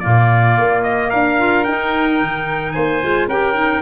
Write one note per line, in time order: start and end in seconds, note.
0.00 0.58 A#2
0.00 1.37 A#3
0.00 1.09 F4
0.00 0.82 D5
0.58 1.12 A#3
0.83 1.10 D#5
1.09 1.67 D4
1.09 2.73 A#4
1.09 1.64 F5
1.38 1.65 F4
1.64 2.21 D#4
1.64 3.02 D#4
1.64 2.72 G5
2.21 2.76 D#3
2.72 3.04 A#3
2.72 3.28 C5
2.72 3.27 G#5
3.02 3.28 G#3
3.02 3.29 F4
3.28 3.82 C#4
3.28 3.54 G4
3.28 3.82 A#4
3.28 3.82 G5
3.54 3.81 D#4